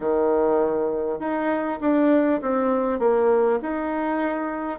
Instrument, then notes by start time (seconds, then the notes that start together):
bassoon
0.00 D#3
1.19 D#4
1.80 D4
2.41 C4
2.99 A#3
3.62 D#4